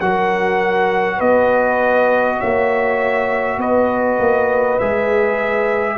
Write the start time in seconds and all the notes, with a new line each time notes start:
0.00 F#3 F#4 A#4 F#5
1.17 B3 B4 D#5
2.39 A#3 C#5 E5
3.58 B3 B4 D#5
4.19 A#3
4.79 G#3 G#4 E5